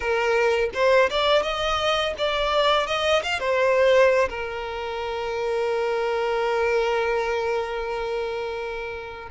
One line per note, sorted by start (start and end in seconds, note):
0.00 0.69 A#4
0.74 1.09 C5
1.09 1.42 D5
1.42 2.14 D#5
2.18 2.86 D5
2.86 3.22 D#5
3.22 3.39 F5
3.39 4.29 C5
4.29 9.29 A#4